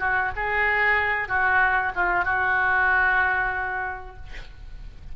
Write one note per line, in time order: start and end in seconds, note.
0.00 0.32 F#4
0.36 1.29 G#4
1.29 1.92 F#4
1.96 2.25 F4
2.25 4.16 F#4